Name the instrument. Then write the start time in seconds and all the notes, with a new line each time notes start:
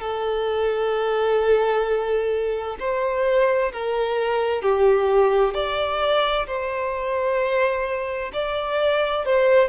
violin
0.00 A4
2.79 C5
3.72 A#4
4.62 G4
5.54 D5
6.47 C5
8.33 D5
9.25 C5